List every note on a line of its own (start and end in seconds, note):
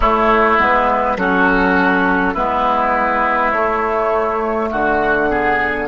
0.00 0.57 A3
0.00 0.58 A3
0.00 1.17 E4
0.00 0.58 C#5
0.58 1.16 G#3
0.58 1.17 B3
0.58 1.17 B4
1.16 2.34 F#3
1.16 2.36 C#4
1.16 2.33 F#4
1.16 2.35 A4
2.33 3.52 G#3
2.33 3.53 B3
2.33 4.69 E4
2.33 3.51 B4
3.51 4.70 A3
3.51 5.29 A3
3.51 4.69 C#5
4.71 5.87 D3
4.71 5.29 F#4
4.71 5.87 F#5
5.29 5.87 B3
5.29 5.87 G#4